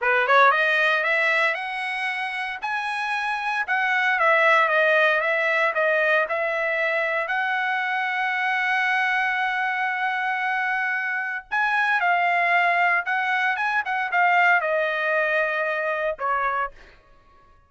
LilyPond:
\new Staff \with { instrumentName = "trumpet" } { \time 4/4 \tempo 4 = 115 b'8 cis''8 dis''4 e''4 fis''4~ | fis''4 gis''2 fis''4 | e''4 dis''4 e''4 dis''4 | e''2 fis''2~ |
fis''1~ | fis''2 gis''4 f''4~ | f''4 fis''4 gis''8 fis''8 f''4 | dis''2. cis''4 | }